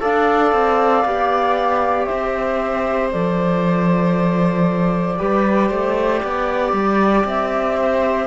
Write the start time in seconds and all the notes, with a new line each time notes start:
0.00 D4 A4 D5 F5
0.52 C4
1.05 B3 G4
2.05 C4 C5 E5
3.11 F3 A4 D5
5.17 G3 G4 B4
5.69 A3 C5
6.23 B3 D5
6.72 G3
7.24 C4 E5
7.77 C5